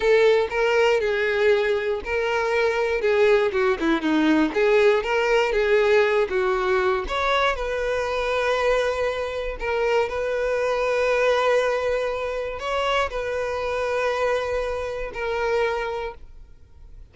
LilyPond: \new Staff \with { instrumentName = "violin" } { \time 4/4 \tempo 4 = 119 a'4 ais'4 gis'2 | ais'2 gis'4 fis'8 e'8 | dis'4 gis'4 ais'4 gis'4~ | gis'8 fis'4. cis''4 b'4~ |
b'2. ais'4 | b'1~ | b'4 cis''4 b'2~ | b'2 ais'2 | }